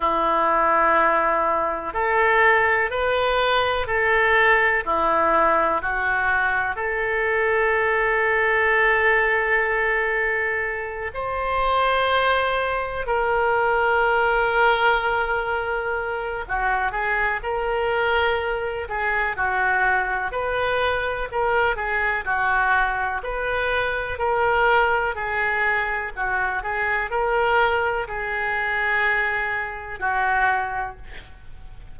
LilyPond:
\new Staff \with { instrumentName = "oboe" } { \time 4/4 \tempo 4 = 62 e'2 a'4 b'4 | a'4 e'4 fis'4 a'4~ | a'2.~ a'8 c''8~ | c''4. ais'2~ ais'8~ |
ais'4 fis'8 gis'8 ais'4. gis'8 | fis'4 b'4 ais'8 gis'8 fis'4 | b'4 ais'4 gis'4 fis'8 gis'8 | ais'4 gis'2 fis'4 | }